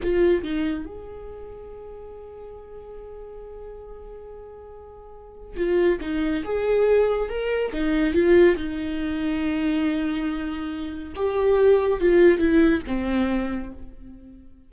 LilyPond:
\new Staff \with { instrumentName = "viola" } { \time 4/4 \tempo 4 = 140 f'4 dis'4 gis'2~ | gis'1~ | gis'1~ | gis'4 f'4 dis'4 gis'4~ |
gis'4 ais'4 dis'4 f'4 | dis'1~ | dis'2 g'2 | f'4 e'4 c'2 | }